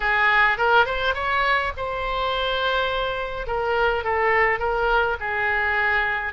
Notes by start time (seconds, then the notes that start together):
0.00 G#4
0.57 A#4
0.85 C5
1.14 C#5
1.76 C5
3.46 A#4
4.04 A4
4.59 A#4
5.19 G#4